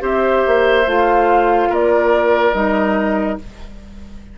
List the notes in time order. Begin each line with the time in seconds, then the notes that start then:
0.00 C4 G4 C5 E5
0.47 A#3
0.87 A3 F4 F5
1.70 A#3 A#4 D5
2.54 G3 D#4 D#5